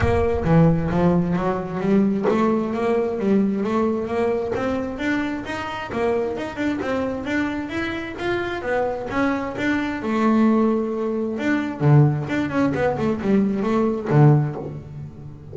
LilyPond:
\new Staff \with { instrumentName = "double bass" } { \time 4/4 \tempo 4 = 132 ais4 e4 f4 fis4 | g4 a4 ais4 g4 | a4 ais4 c'4 d'4 | dis'4 ais4 dis'8 d'8 c'4 |
d'4 e'4 f'4 b4 | cis'4 d'4 a2~ | a4 d'4 d4 d'8 cis'8 | b8 a8 g4 a4 d4 | }